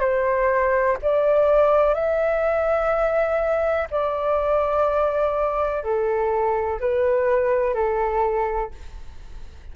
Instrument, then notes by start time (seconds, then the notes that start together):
flute
0.00 C5
1.02 D5
1.94 E5
3.91 D5
5.83 A4
6.80 B4
7.74 A4